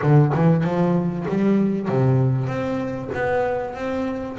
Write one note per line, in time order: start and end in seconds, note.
0.02 0.33 D3
0.34 0.63 E3
0.63 1.26 F3
1.28 1.88 G3
1.88 2.47 C3
2.47 3.09 C4
3.13 3.74 B3
3.74 4.37 C4